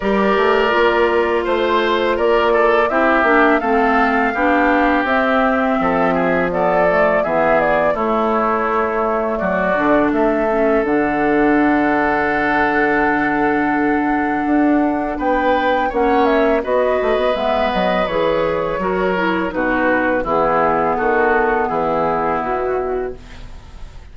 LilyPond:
<<
  \new Staff \with { instrumentName = "flute" } { \time 4/4 \tempo 4 = 83 d''2 c''4 d''4 | e''4 f''2 e''4~ | e''4 d''4 e''8 d''8 cis''4~ | cis''4 d''4 e''4 fis''4~ |
fis''1~ | fis''4 g''4 fis''8 e''8 dis''4 | e''8 dis''8 cis''2 b'4 | gis'4 a'4 gis'4 fis'4 | }
  \new Staff \with { instrumentName = "oboe" } { \time 4/4 ais'2 c''4 ais'8 a'8 | g'4 a'4 g'2 | a'8 gis'8 a'4 gis'4 e'4~ | e'4 fis'4 a'2~ |
a'1~ | a'4 b'4 cis''4 b'4~ | b'2 ais'4 fis'4 | e'4 fis'4 e'2 | }
  \new Staff \with { instrumentName = "clarinet" } { \time 4/4 g'4 f'2. | e'8 d'8 c'4 d'4 c'4~ | c'4 b8 a8 b4 a4~ | a4. d'4 cis'8 d'4~ |
d'1~ | d'2 cis'4 fis'4 | b4 gis'4 fis'8 e'8 dis'4 | b1 | }
  \new Staff \with { instrumentName = "bassoon" } { \time 4/4 g8 a8 ais4 a4 ais4 | c'8 ais8 a4 b4 c'4 | f2 e4 a4~ | a4 fis8 d8 a4 d4~ |
d1 | d'4 b4 ais4 b8 a16 b16 | gis8 fis8 e4 fis4 b,4 | e4 dis4 e4 b,4 | }
>>